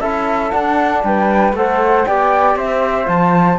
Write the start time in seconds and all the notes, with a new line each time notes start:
0.00 C#4 E4 A4 E5
0.51 D4 F#5
1.03 G3 B4 G5
1.53 A3 A4 C5 F#5
2.06 B3 G4 D5 G5
2.55 C4 C5 E5
3.04 F3 F4 A5